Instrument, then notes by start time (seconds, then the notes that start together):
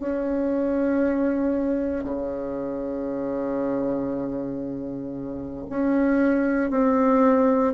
bassoon
0.00 C#4
2.04 C#3
5.70 C#4
6.71 C4